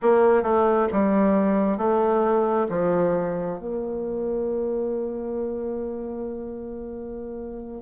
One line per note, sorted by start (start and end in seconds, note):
0.02 0.42 A#3
0.42 0.87 A3
0.92 1.77 G3
1.77 2.67 A3
2.69 3.58 F3
3.58 7.82 A#3